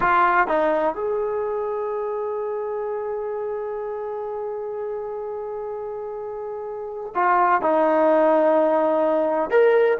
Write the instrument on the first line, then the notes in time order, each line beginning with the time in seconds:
trombone
0.00 F4
0.47 D#4
0.94 G#4
7.14 F4
7.61 D#4
9.50 A#4